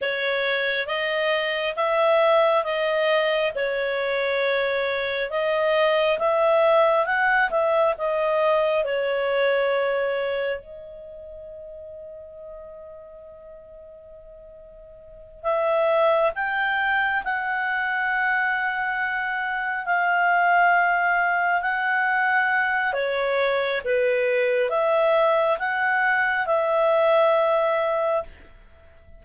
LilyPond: \new Staff \with { instrumentName = "clarinet" } { \time 4/4 \tempo 4 = 68 cis''4 dis''4 e''4 dis''4 | cis''2 dis''4 e''4 | fis''8 e''8 dis''4 cis''2 | dis''1~ |
dis''4. e''4 g''4 fis''8~ | fis''2~ fis''8 f''4.~ | f''8 fis''4. cis''4 b'4 | e''4 fis''4 e''2 | }